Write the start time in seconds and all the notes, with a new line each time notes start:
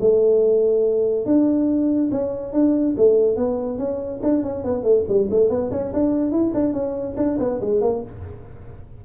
0.00 A3
1.25 D4
2.11 C#4
2.53 D4
2.97 A3
3.36 B3
3.78 C#4
4.23 D4
4.43 C#4
4.64 B3
4.83 A3
5.08 G3
5.30 A3
5.49 B3
5.71 C#4
5.93 D4
6.31 E4
6.54 D4
6.73 C#4
7.16 D4
7.39 B3
7.60 G#3
7.81 A#3